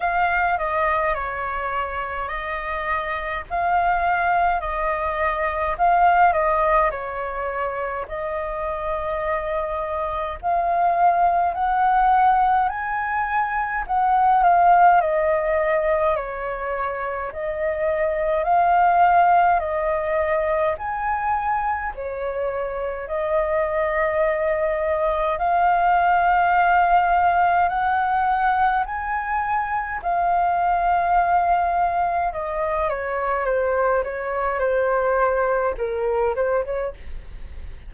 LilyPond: \new Staff \with { instrumentName = "flute" } { \time 4/4 \tempo 4 = 52 f''8 dis''8 cis''4 dis''4 f''4 | dis''4 f''8 dis''8 cis''4 dis''4~ | dis''4 f''4 fis''4 gis''4 | fis''8 f''8 dis''4 cis''4 dis''4 |
f''4 dis''4 gis''4 cis''4 | dis''2 f''2 | fis''4 gis''4 f''2 | dis''8 cis''8 c''8 cis''8 c''4 ais'8 c''16 cis''16 | }